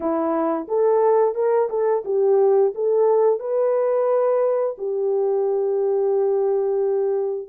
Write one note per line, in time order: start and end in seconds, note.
0.00 0.67 E4
0.68 1.34 A4
1.34 1.68 A#4
1.69 2.03 A4
2.05 2.73 G4
2.74 3.39 A4
3.39 4.76 B4
4.77 7.48 G4